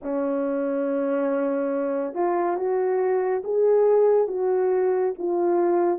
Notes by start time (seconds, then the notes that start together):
0.02 C#4
2.14 F4
2.56 F#4
3.44 G#4
4.27 F#4
5.18 F4